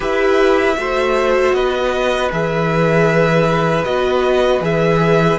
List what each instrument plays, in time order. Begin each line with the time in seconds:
0.00 cello E4, viola G4, violin B4 E5
0.76 cello A3, viola F#4, violin C5
1.53 cello B3, violin B4 D#5
2.31 cello E3, viola G#4, violin E5
3.84 cello B3, viola F#4, violin D#5
4.60 cello E3, viola G#4, violin E5